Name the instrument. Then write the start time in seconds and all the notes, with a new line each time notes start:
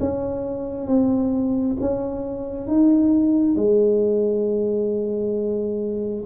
tuba
0.00 C#4
0.87 C4
1.80 C#4
2.67 D#4
3.55 G#3